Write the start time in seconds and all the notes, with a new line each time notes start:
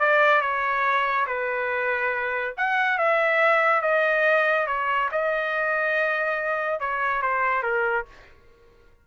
0.00 D5
0.42 C#5
1.27 B4
2.58 F#5
2.98 E5
3.82 D#5
4.67 C#5
5.12 D#5
6.80 C#5
7.23 C5
7.63 A#4